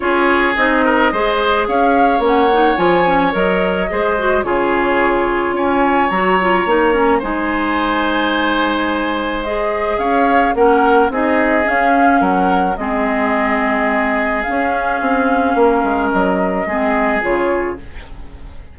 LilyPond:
<<
  \new Staff \with { instrumentName = "flute" } { \time 4/4 \tempo 4 = 108 cis''4 dis''2 f''4 | fis''4 gis''4 dis''2 | cis''2 gis''4 ais''4~ | ais''4 gis''2.~ |
gis''4 dis''4 f''4 fis''4 | dis''4 f''4 fis''4 dis''4~ | dis''2 f''2~ | f''4 dis''2 cis''4 | }
  \new Staff \with { instrumentName = "oboe" } { \time 4/4 gis'4. ais'8 c''4 cis''4~ | cis''2. c''4 | gis'2 cis''2~ | cis''4 c''2.~ |
c''2 cis''4 ais'4 | gis'2 ais'4 gis'4~ | gis'1 | ais'2 gis'2 | }
  \new Staff \with { instrumentName = "clarinet" } { \time 4/4 f'4 dis'4 gis'2 | cis'8 dis'8 f'8 cis'8 ais'4 gis'8 fis'8 | f'2. fis'8 f'8 | dis'8 cis'8 dis'2.~ |
dis'4 gis'2 cis'4 | dis'4 cis'2 c'4~ | c'2 cis'2~ | cis'2 c'4 f'4 | }
  \new Staff \with { instrumentName = "bassoon" } { \time 4/4 cis'4 c'4 gis4 cis'4 | ais4 f4 fis4 gis4 | cis2 cis'4 fis4 | ais4 gis2.~ |
gis2 cis'4 ais4 | c'4 cis'4 fis4 gis4~ | gis2 cis'4 c'4 | ais8 gis8 fis4 gis4 cis4 | }
>>